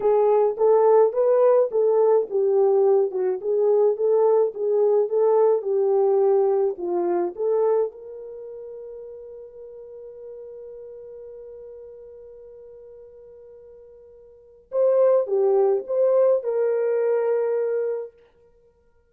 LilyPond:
\new Staff \with { instrumentName = "horn" } { \time 4/4 \tempo 4 = 106 gis'4 a'4 b'4 a'4 | g'4. fis'8 gis'4 a'4 | gis'4 a'4 g'2 | f'4 a'4 ais'2~ |
ais'1~ | ais'1~ | ais'2 c''4 g'4 | c''4 ais'2. | }